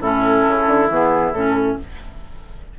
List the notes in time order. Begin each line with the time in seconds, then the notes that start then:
0.00 A2 C#4 E4 A4
0.48 C#3
0.67 D3
0.89 E3 B3 G#4
1.32 A2 C#4 A4